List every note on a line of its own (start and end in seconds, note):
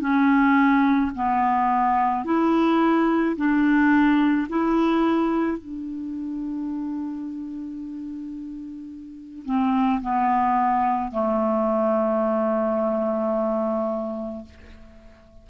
0.00 1.11 C#4
1.15 2.25 B3
2.25 3.36 E4
3.36 4.47 D4
4.49 5.58 E4
5.58 9.45 D4
9.45 10.01 C4
10.02 11.12 B3
11.12 14.45 A3